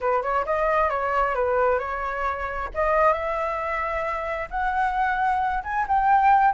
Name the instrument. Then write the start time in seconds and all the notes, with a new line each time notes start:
flute
0.00 B4
0.22 C#5
0.45 D#5
0.90 C#5
1.34 B4
1.78 C#5
2.74 D#5
3.13 E5
4.50 F#5
5.63 G#5
5.88 G5